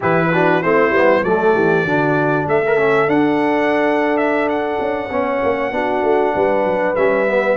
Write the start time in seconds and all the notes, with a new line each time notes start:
0.00 E3 E4 G4 B4
0.32 D4 F#4
0.62 A3 C4 E4 C5
0.90 G3 B3
1.23 F#3 A3 A4 D5
1.54 E3 G4
1.84 D3 D4 F#4
2.46 A3 A4 E5
2.66 A#4
2.77 C#4
3.07 D4 F#5
4.17 E5
4.48 F#5
4.80 C#4
5.10 B3 C#4 C#5
5.43 A#3
5.71 B3 D4 F#4
6.02 A3
6.34 G3 B4
6.65 F#3
6.95 G3 C#4 E5
7.26 B3